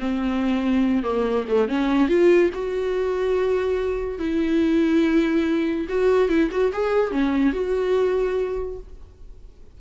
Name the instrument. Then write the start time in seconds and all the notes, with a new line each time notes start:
viola
0.00 C4
1.04 A#3
1.49 A3
1.69 C#4
2.09 F4
2.54 F#4
4.19 E4
5.89 F#4
6.29 E4
6.51 F#4
6.73 G#4
7.11 C#4
7.53 F#4